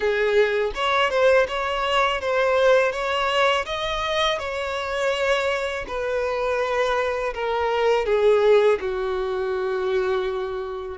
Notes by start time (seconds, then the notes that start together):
0.00 G#4
0.75 C#5
1.10 C5
1.47 C#5
2.20 C5
2.91 C#5
3.65 D#5
4.38 C#5
5.87 B4
7.34 A#4
8.05 G#4
8.80 F#4